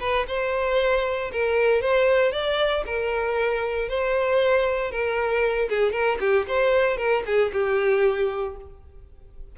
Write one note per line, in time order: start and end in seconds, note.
0.00 0.26 B4
0.28 1.31 C5
1.32 1.82 A#4
1.82 2.32 C5
2.32 2.84 D5
2.86 3.89 A#4
3.89 4.91 C5
4.91 5.68 A#4
5.69 5.92 G#4
5.92 6.18 A#4
6.20 6.46 G4
6.48 6.97 C5
6.97 7.23 A#4
7.26 7.52 G#4
7.53 8.56 G4